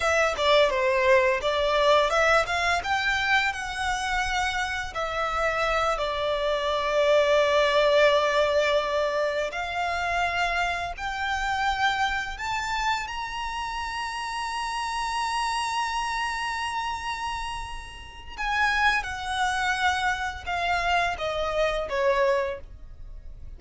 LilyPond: \new Staff \with { instrumentName = "violin" } { \time 4/4 \tempo 4 = 85 e''8 d''8 c''4 d''4 e''8 f''8 | g''4 fis''2 e''4~ | e''8 d''2.~ d''8~ | d''4. f''2 g''8~ |
g''4. a''4 ais''4.~ | ais''1~ | ais''2 gis''4 fis''4~ | fis''4 f''4 dis''4 cis''4 | }